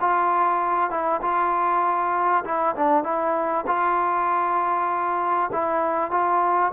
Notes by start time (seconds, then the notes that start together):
0.00 F4
0.90 E4
1.21 F4
2.44 E4
2.75 D4
3.03 E4
3.67 F4
5.52 E4
6.11 F4